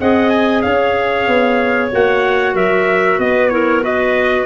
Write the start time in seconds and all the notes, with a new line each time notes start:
0.00 C4 G#4 D#5 F#5
0.29 G#5
0.62 C#4 C#5 F5
1.27 B3
1.92 A#3 F#4 F#5
2.54 F#3 A#4 E5
3.18 B3 B4 D#5
3.48 E4 A#4 C#5
3.82 F#4 B4 D#5